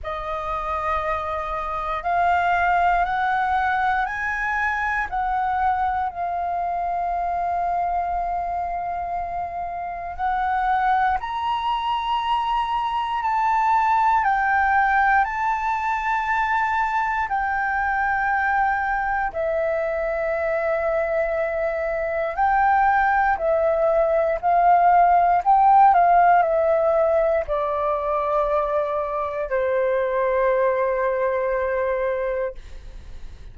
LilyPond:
\new Staff \with { instrumentName = "flute" } { \time 4/4 \tempo 4 = 59 dis''2 f''4 fis''4 | gis''4 fis''4 f''2~ | f''2 fis''4 ais''4~ | ais''4 a''4 g''4 a''4~ |
a''4 g''2 e''4~ | e''2 g''4 e''4 | f''4 g''8 f''8 e''4 d''4~ | d''4 c''2. | }